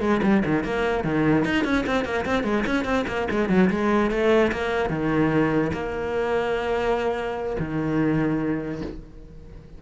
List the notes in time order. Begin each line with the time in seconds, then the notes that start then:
0.00 G#3
0.22 G3
0.45 D#3
0.63 A#3
1.04 D#3
1.44 D#4
1.64 C#4
1.86 C4
2.05 A#3
2.25 C4
2.43 G#3
2.66 C#4
2.84 C4
3.07 A#3
3.30 G#3
3.49 F#3
3.70 G#3
4.10 A3
4.52 A#3
4.89 D#3
5.73 A#3
7.59 D#3